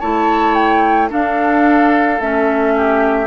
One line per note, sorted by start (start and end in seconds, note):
0.00 1.12 A3
0.00 1.10 E4
0.00 1.10 C#5
0.00 0.55 A5
0.55 1.09 G5
1.10 2.19 D4
1.10 2.20 D4
1.10 2.73 A4
1.10 2.21 F5
2.20 3.27 A3
2.20 3.27 C#4
2.20 3.27 E5
2.76 3.27 G4